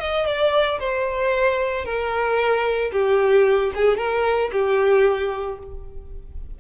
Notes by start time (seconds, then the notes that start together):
0.00 D#5
0.26 D5
0.80 C5
1.85 A#4
2.93 G4
3.75 G#4
3.98 A#4
4.53 G4